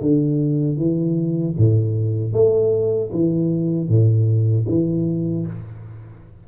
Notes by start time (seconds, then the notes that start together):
0.00 D3
0.76 E3
1.57 A2
2.32 A3
3.11 E3
3.88 A2
4.68 E3